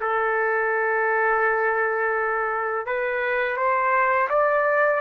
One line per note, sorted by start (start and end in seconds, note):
0.00 2.86 A4
2.86 3.57 B4
3.57 4.28 C5
4.29 5.01 D5